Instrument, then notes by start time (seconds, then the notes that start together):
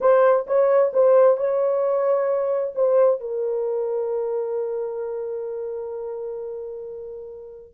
horn
0.00 C5
0.46 C#5
0.93 C5
1.37 C#5
2.75 C5
3.20 A#4